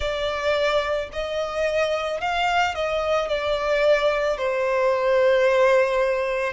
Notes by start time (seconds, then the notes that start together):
0.00 D5
1.12 D#5
2.20 F5
2.74 D#5
3.28 D5
4.37 C5